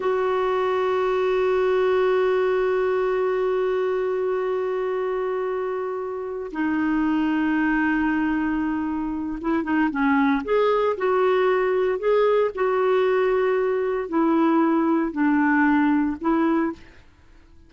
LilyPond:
\new Staff \with { instrumentName = "clarinet" } { \time 4/4 \tempo 4 = 115 fis'1~ | fis'1~ | fis'1~ | fis'8 dis'2.~ dis'8~ |
dis'2 e'8 dis'8 cis'4 | gis'4 fis'2 gis'4 | fis'2. e'4~ | e'4 d'2 e'4 | }